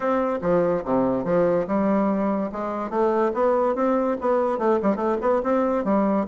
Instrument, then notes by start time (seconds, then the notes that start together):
bassoon
0.00 C4
0.41 F3
0.84 C3
1.24 F3
1.67 G3
2.52 G#3
2.90 A3
3.34 B3
3.75 C4
4.20 B3
4.58 A3
4.82 G3
4.95 A3
5.21 B3
5.43 C4
5.84 G3